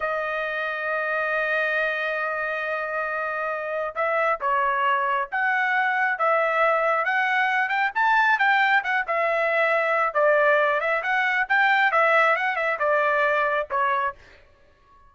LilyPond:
\new Staff \with { instrumentName = "trumpet" } { \time 4/4 \tempo 4 = 136 dis''1~ | dis''1~ | dis''4 e''4 cis''2 | fis''2 e''2 |
fis''4. g''8 a''4 g''4 | fis''8 e''2~ e''8 d''4~ | d''8 e''8 fis''4 g''4 e''4 | fis''8 e''8 d''2 cis''4 | }